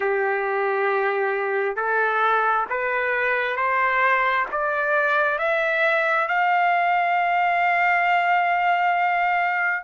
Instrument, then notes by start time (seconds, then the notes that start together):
trumpet
0.00 G4
1.75 A4
2.69 B4
3.56 C5
4.51 D5
5.38 E5
6.28 F5